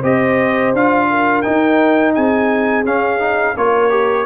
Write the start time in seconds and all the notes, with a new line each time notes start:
0.00 C4 G4 C5 D#5
0.74 D4 F4 F5
1.10 A#4
1.42 D#4 G5
2.14 C4 G#4 G#5
2.85 C#4 F5
3.19 D#4
3.57 A#3 F4 A#4 C#5
3.90 G4